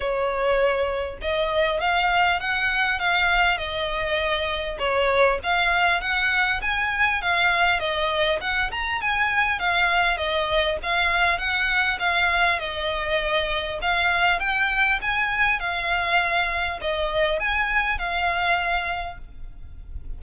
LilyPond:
\new Staff \with { instrumentName = "violin" } { \time 4/4 \tempo 4 = 100 cis''2 dis''4 f''4 | fis''4 f''4 dis''2 | cis''4 f''4 fis''4 gis''4 | f''4 dis''4 fis''8 ais''8 gis''4 |
f''4 dis''4 f''4 fis''4 | f''4 dis''2 f''4 | g''4 gis''4 f''2 | dis''4 gis''4 f''2 | }